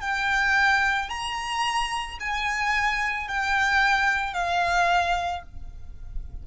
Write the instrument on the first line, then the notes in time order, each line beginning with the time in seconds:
violin
0.00 G5
1.09 A#5
2.20 G#5
3.27 G5
4.33 F5